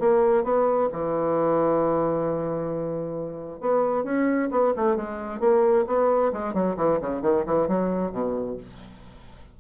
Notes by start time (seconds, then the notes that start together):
0.00 A#3
0.44 B3
0.93 E3
3.61 B3
4.04 C#4
4.51 B3
4.77 A3
4.96 G#3
5.40 A#3
5.87 B3
6.33 G#3
6.54 F#3
6.77 E3
7.01 C#3
7.22 D#3
7.46 E3
7.68 F#3
8.12 B2